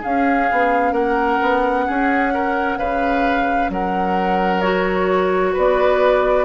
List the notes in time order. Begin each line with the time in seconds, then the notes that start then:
0.00 C#4 G#4 F5
0.52 B3
0.92 A#3 A#4 F#5
1.42 B3
1.87 C#4 G#4
2.34 A#4
2.78 C#3 B4 F5
3.69 F#3 A#4 F#5
4.61 F#4 C#5
5.53 B3 B4 D5